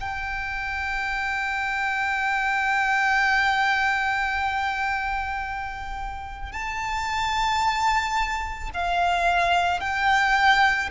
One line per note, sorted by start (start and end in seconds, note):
0.00 6.52 G5
6.52 8.70 A5
8.73 9.80 F5
9.80 10.89 G5